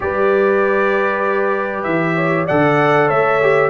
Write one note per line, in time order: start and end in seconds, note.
0.00 1.84 G3
0.00 2.47 G4
0.00 2.15 B4
0.00 1.83 D5
1.83 2.46 E3
1.83 2.45 E5
2.15 2.46 C#5
2.46 3.09 D3
2.46 3.41 A4
2.46 3.07 D5
2.46 3.09 F#5
3.07 3.69 A3
3.07 3.69 C#5
3.07 3.69 E5
3.41 3.69 G4